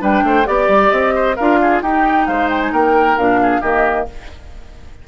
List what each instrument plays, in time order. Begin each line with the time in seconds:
0.00 bassoon G3, clarinet D4, oboe B4, flute G5
0.23 bassoon A3, oboe C5
0.45 bassoon B3, clarinet G4, flute D5, oboe D5
0.68 bassoon G3
0.90 bassoon C4, flute D#5
1.15 oboe C5
1.36 bassoon D4, clarinet F4, oboe A#4, flute F5
1.62 oboe G#4
1.82 bassoon D#4, clarinet D#4, oboe G4, flute G5
2.27 bassoon G#3, oboe C5, flute F5
2.50 flute G5
2.61 flute G#5
2.72 bassoon A#3, oboe A#4, flute G5
3.18 bassoon A#2, clarinet D4, flute F5
3.43 oboe G#4
3.61 bassoon D#3, clarinet A#3, oboe G4, flute D#5